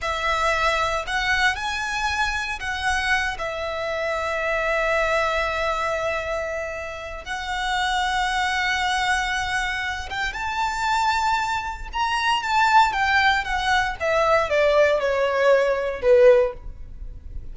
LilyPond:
\new Staff \with { instrumentName = "violin" } { \time 4/4 \tempo 4 = 116 e''2 fis''4 gis''4~ | gis''4 fis''4. e''4.~ | e''1~ | e''2 fis''2~ |
fis''2.~ fis''8 g''8 | a''2. ais''4 | a''4 g''4 fis''4 e''4 | d''4 cis''2 b'4 | }